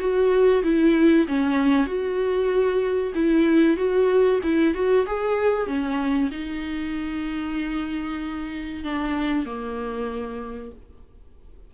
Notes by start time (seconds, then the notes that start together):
0.00 F#4
0.63 E4
1.28 C#4
1.87 F#4
3.15 E4
3.77 F#4
4.43 E4
4.75 F#4
5.07 G#4
5.67 C#4
6.32 D#4
8.84 D4
9.46 A#3